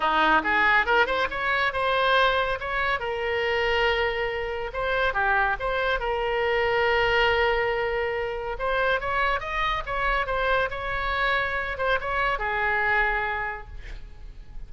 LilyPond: \new Staff \with { instrumentName = "oboe" } { \time 4/4 \tempo 4 = 140 dis'4 gis'4 ais'8 c''8 cis''4 | c''2 cis''4 ais'4~ | ais'2. c''4 | g'4 c''4 ais'2~ |
ais'1 | c''4 cis''4 dis''4 cis''4 | c''4 cis''2~ cis''8 c''8 | cis''4 gis'2. | }